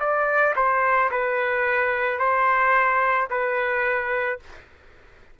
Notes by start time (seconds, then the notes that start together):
0.00 D5
0.56 C5
1.11 B4
2.19 C5
3.30 B4